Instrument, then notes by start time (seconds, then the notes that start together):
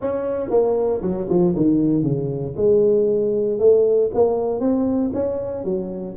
tuba
0.01 C#4
0.49 A#3
1.01 F#3
1.29 F3
1.56 D#3
2.03 C#3
2.56 G#3
3.59 A3
4.14 A#3
4.59 C4
5.13 C#4
5.64 F#3